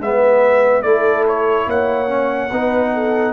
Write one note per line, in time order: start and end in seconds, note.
0.00 0.83 G#3
0.00 0.84 B3
0.00 0.84 B4
0.00 0.82 E5
0.82 1.66 A3
0.82 2.07 E4
0.82 1.67 A4
0.82 1.24 D5
1.28 1.70 C#5
1.67 2.50 A#3
1.67 2.51 C#5
1.67 3.33 F#5
2.07 2.49 C#4
2.51 3.33 B3
2.51 3.33 D#4
2.51 2.93 B4
2.94 3.33 A4